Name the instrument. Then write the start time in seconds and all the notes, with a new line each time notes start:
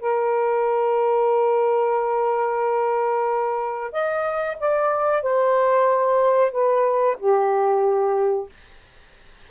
saxophone
0.00 A#4
3.92 D#5
4.59 D5
5.23 C5
6.52 B4
7.19 G4